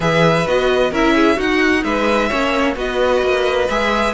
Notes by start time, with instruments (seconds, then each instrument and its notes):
0.00 cello E3, viola G#4, violin B4 E5
0.46 cello B3, viola F#4, violin D#5
0.90 cello C#4, viola E4, violin A#4 E5
1.15 violin G#4
1.36 viola D#4, cello D#4, violin F#4 F#5
1.83 cello G#3, violin B4 E5
2.28 cello A#3, viola C#4, violin C#5
2.74 cello B3, viola F#4, violin B4 D#5
3.22 cello A#3
3.68 cello G#3, viola G#4, violin E5